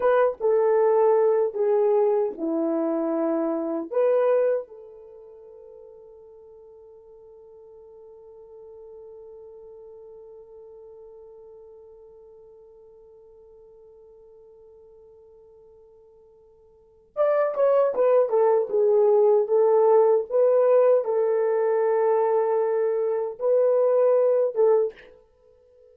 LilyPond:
\new Staff \with { instrumentName = "horn" } { \time 4/4 \tempo 4 = 77 b'8 a'4. gis'4 e'4~ | e'4 b'4 a'2~ | a'1~ | a'1~ |
a'1~ | a'2 d''8 cis''8 b'8 a'8 | gis'4 a'4 b'4 a'4~ | a'2 b'4. a'8 | }